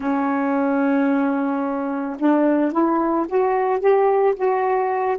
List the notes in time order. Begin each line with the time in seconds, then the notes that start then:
0.00 C#4
2.19 D4
2.72 E4
3.28 F#4
3.79 G4
4.35 F#4